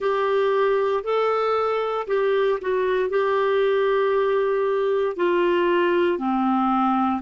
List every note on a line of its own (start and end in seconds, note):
0.00 1.03 G4
1.03 2.06 A4
2.07 2.59 G4
2.61 3.09 F#4
3.09 5.16 G4
5.16 6.18 F4
6.18 7.21 C4